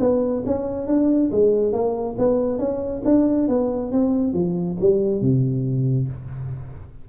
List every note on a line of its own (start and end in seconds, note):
0.00 0.43 B3
0.46 0.87 C#4
0.87 1.31 D4
1.32 1.73 G#3
1.73 2.16 A#3
2.18 2.59 B3
2.59 3.02 C#4
3.05 3.48 D4
3.49 3.92 B3
3.92 4.34 C4
4.34 4.77 F3
4.80 5.22 G3
5.22 6.08 C3